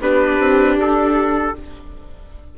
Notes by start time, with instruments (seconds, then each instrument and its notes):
0.00 bassoon B3, viola D4 G4, trumpet B4
0.39 bassoon C4
0.76 bassoon D4, trumpet A4